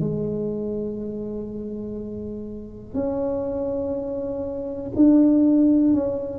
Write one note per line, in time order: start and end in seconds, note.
0.00 2.94 G#3
2.94 4.91 C#4
4.96 5.94 D4
5.94 6.38 C#4